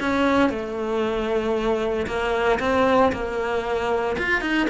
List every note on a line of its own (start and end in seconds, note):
0.00 0.50 C#4
0.50 2.06 A3
2.07 2.59 A#3
2.60 3.12 C4
3.12 4.17 A#3
4.18 4.41 F4
4.41 4.67 D#4